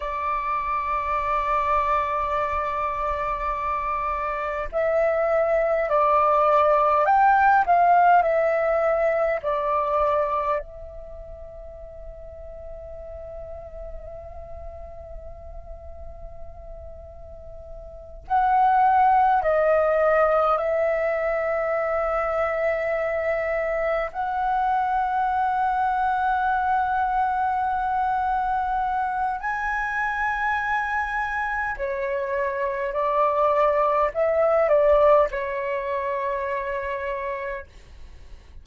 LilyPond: \new Staff \with { instrumentName = "flute" } { \time 4/4 \tempo 4 = 51 d''1 | e''4 d''4 g''8 f''8 e''4 | d''4 e''2.~ | e''2.~ e''8 fis''8~ |
fis''8 dis''4 e''2~ e''8~ | e''8 fis''2.~ fis''8~ | fis''4 gis''2 cis''4 | d''4 e''8 d''8 cis''2 | }